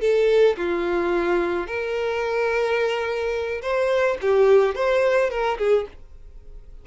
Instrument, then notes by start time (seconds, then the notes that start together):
violin
0.00 A4
0.57 F4
1.67 A#4
3.61 C5
4.21 G4
4.74 C5
5.30 A#4
5.58 G#4